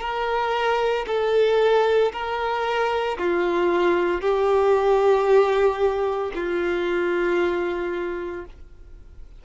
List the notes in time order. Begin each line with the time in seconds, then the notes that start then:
0.00 A#4
1.07 A4
2.12 A#4
3.18 F4
4.21 G4
6.34 F4